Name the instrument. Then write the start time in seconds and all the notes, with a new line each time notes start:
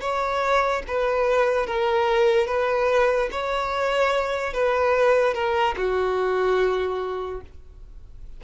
violin
0.00 C#5
0.87 B4
1.66 A#4
2.47 B4
3.31 C#5
4.53 B4
5.33 A#4
5.76 F#4